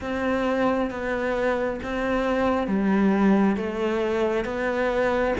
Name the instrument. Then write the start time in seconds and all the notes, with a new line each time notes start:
cello
0.00 C4
0.90 B3
1.82 C4
2.67 G3
3.56 A3
4.45 B3